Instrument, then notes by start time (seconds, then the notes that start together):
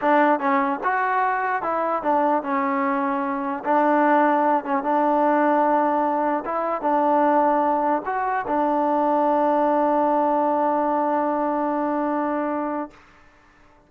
trombone
0.01 D4
0.39 C#4
0.83 F#4
1.62 E4
2.02 D4
2.43 C#4
3.64 D4
4.64 C#4
4.83 D4
6.45 E4
6.81 D4
8.05 F#4
8.47 D4